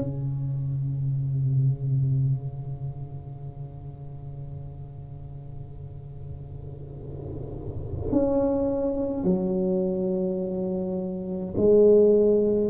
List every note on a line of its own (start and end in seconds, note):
0.00 8.08 C#3
8.11 9.24 C#4
9.24 11.54 F#3
11.56 12.70 G#3